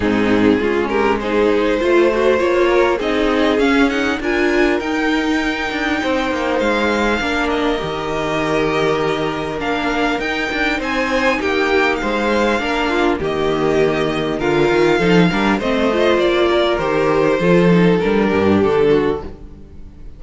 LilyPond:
<<
  \new Staff \with { instrumentName = "violin" } { \time 4/4 \tempo 4 = 100 gis'4. ais'8 c''2 | cis''4 dis''4 f''8 fis''8 gis''4 | g''2. f''4~ | f''8 dis''2.~ dis''8 |
f''4 g''4 gis''4 g''4 | f''2 dis''2 | f''2 dis''4 d''4 | c''2 ais'4 a'4 | }
  \new Staff \with { instrumentName = "violin" } { \time 4/4 dis'4 f'8 g'8 gis'4 c''4~ | c''8 ais'8 gis'2 ais'4~ | ais'2 c''2 | ais'1~ |
ais'2 c''4 g'4 | c''4 ais'8 f'8 g'2 | ais'4 a'8 ais'8 c''4. ais'8~ | ais'4 a'4. g'4 fis'8 | }
  \new Staff \with { instrumentName = "viola" } { \time 4/4 c'4 cis'4 dis'4 f'8 fis'8 | f'4 dis'4 cis'8 dis'8 f'4 | dis'1 | d'4 g'2. |
d'4 dis'2.~ | dis'4 d'4 ais2 | f'4 dis'8 d'8 c'8 f'4. | g'4 f'8 dis'8 d'2 | }
  \new Staff \with { instrumentName = "cello" } { \time 4/4 gis,4 gis2 a4 | ais4 c'4 cis'4 d'4 | dis'4. d'8 c'8 ais8 gis4 | ais4 dis2. |
ais4 dis'8 d'8 c'4 ais4 | gis4 ais4 dis2 | d8 dis8 f8 g8 a4 ais4 | dis4 f4 g8 g,8 d4 | }
>>